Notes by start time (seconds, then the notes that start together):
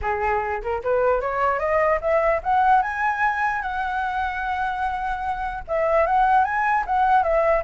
0.01 G#4
0.62 A#4
0.83 B4
1.20 C#5
1.59 D#5
2.01 E5
2.43 F#5
2.82 G#5
3.62 F#5
5.67 E5
6.06 F#5
6.44 G#5
6.86 F#5
7.23 E5